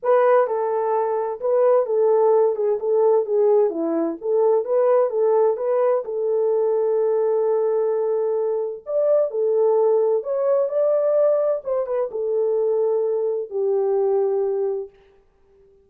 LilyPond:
\new Staff \with { instrumentName = "horn" } { \time 4/4 \tempo 4 = 129 b'4 a'2 b'4 | a'4. gis'8 a'4 gis'4 | e'4 a'4 b'4 a'4 | b'4 a'2.~ |
a'2. d''4 | a'2 cis''4 d''4~ | d''4 c''8 b'8 a'2~ | a'4 g'2. | }